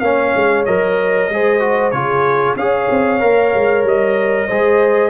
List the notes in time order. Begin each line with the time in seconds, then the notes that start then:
0.00 A#3 C#4 C#5 F5
0.35 G#3
0.65 F#3 A#4 D#5
1.29 G#3 G#4 C5
1.60 F#4
1.91 C#3 F4 G#4 C#5
2.55 C#4 G#4 C#5 F5
2.90 C4
3.20 A#3 A#4
3.54 G#3
3.84 G3 D#5
4.47 G#3 G#4 C5